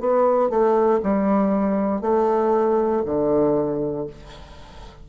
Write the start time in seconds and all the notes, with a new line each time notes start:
0.00 B3
0.50 A3
1.03 G3
2.01 A3
3.05 D3